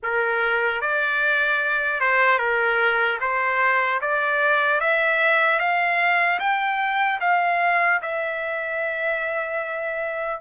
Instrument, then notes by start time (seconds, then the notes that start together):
trumpet
0.02 A#4
0.81 D5
2.00 C5
2.38 A#4
3.20 C5
4.01 D5
4.80 E5
5.59 F5
6.39 G5
7.20 F5
8.01 E5